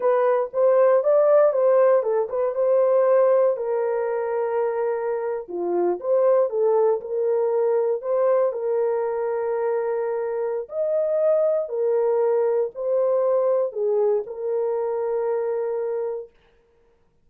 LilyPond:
\new Staff \with { instrumentName = "horn" } { \time 4/4 \tempo 4 = 118 b'4 c''4 d''4 c''4 | a'8 b'8 c''2 ais'4~ | ais'2~ ais'8. f'4 c''16~ | c''8. a'4 ais'2 c''16~ |
c''8. ais'2.~ ais'16~ | ais'4 dis''2 ais'4~ | ais'4 c''2 gis'4 | ais'1 | }